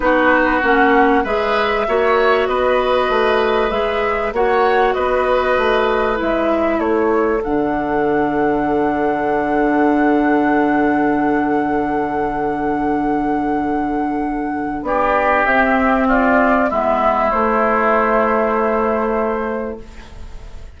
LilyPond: <<
  \new Staff \with { instrumentName = "flute" } { \time 4/4 \tempo 4 = 97 b'4 fis''4 e''2 | dis''2 e''4 fis''4 | dis''2 e''4 cis''4 | fis''1~ |
fis''1~ | fis''1 | d''4 e''4 d''4 e''4 | c''1 | }
  \new Staff \with { instrumentName = "oboe" } { \time 4/4 fis'2 b'4 cis''4 | b'2. cis''4 | b'2. a'4~ | a'1~ |
a'1~ | a'1 | g'2 f'4 e'4~ | e'1 | }
  \new Staff \with { instrumentName = "clarinet" } { \time 4/4 dis'4 cis'4 gis'4 fis'4~ | fis'2 gis'4 fis'4~ | fis'2 e'2 | d'1~ |
d'1~ | d'1~ | d'4 c'2 b4 | a1 | }
  \new Staff \with { instrumentName = "bassoon" } { \time 4/4 b4 ais4 gis4 ais4 | b4 a4 gis4 ais4 | b4 a4 gis4 a4 | d1~ |
d1~ | d1 | b4 c'2 gis4 | a1 | }
>>